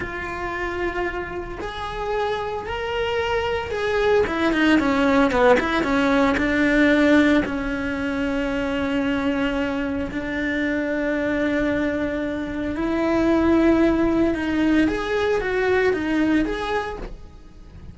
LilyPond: \new Staff \with { instrumentName = "cello" } { \time 4/4 \tempo 4 = 113 f'2. gis'4~ | gis'4 ais'2 gis'4 | e'8 dis'8 cis'4 b8 e'8 cis'4 | d'2 cis'2~ |
cis'2. d'4~ | d'1 | e'2. dis'4 | gis'4 fis'4 dis'4 gis'4 | }